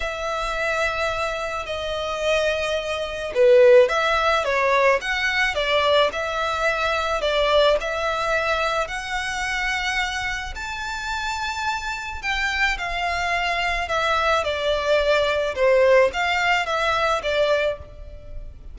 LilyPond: \new Staff \with { instrumentName = "violin" } { \time 4/4 \tempo 4 = 108 e''2. dis''4~ | dis''2 b'4 e''4 | cis''4 fis''4 d''4 e''4~ | e''4 d''4 e''2 |
fis''2. a''4~ | a''2 g''4 f''4~ | f''4 e''4 d''2 | c''4 f''4 e''4 d''4 | }